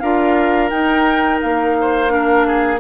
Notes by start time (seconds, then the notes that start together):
0.00 D4 F4 A#4 F5
0.70 D#4 G5
1.41 A#3 F5
1.81 C5
2.08 D4 A#4
2.47 G#4